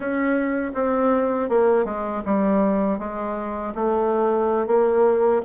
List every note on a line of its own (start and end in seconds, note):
0.00 0.72 C#4
0.74 1.49 C4
1.49 1.84 A#3
1.84 2.22 G#3
2.25 2.98 G3
2.98 3.73 G#3
3.74 4.66 A3
4.66 5.41 A#3